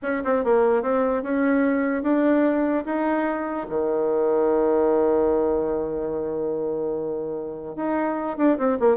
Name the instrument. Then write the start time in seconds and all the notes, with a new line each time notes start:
bassoon
0.02 C#4
0.24 C4
0.44 A#3
0.82 C4
1.22 C#4
2.02 D4
2.85 D#4
3.69 D#3
7.76 D#4
8.37 D4
8.58 C4
8.79 A#3